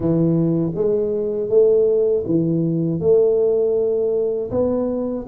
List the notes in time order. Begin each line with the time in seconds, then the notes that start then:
0.00 E3
0.75 G#3
1.49 A3
2.26 E3
3.00 A3
4.50 B3